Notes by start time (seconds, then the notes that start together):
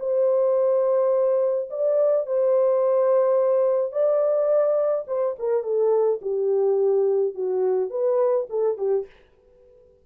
0.00 C5
1.70 D5
2.27 C5
3.93 D5
5.08 C5
5.39 A#4
5.64 A4
6.22 G4
7.35 F#4
7.90 B4
8.50 A4
8.78 G4